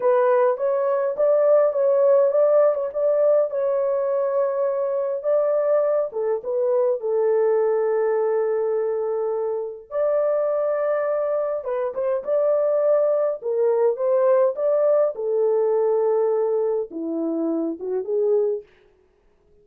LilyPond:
\new Staff \with { instrumentName = "horn" } { \time 4/4 \tempo 4 = 103 b'4 cis''4 d''4 cis''4 | d''8. cis''16 d''4 cis''2~ | cis''4 d''4. a'8 b'4 | a'1~ |
a'4 d''2. | b'8 c''8 d''2 ais'4 | c''4 d''4 a'2~ | a'4 e'4. fis'8 gis'4 | }